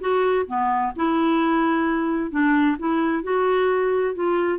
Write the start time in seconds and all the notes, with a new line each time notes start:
0.00 F#4
0.47 B3
0.96 E4
2.31 D4
2.79 E4
3.23 F#4
4.15 F4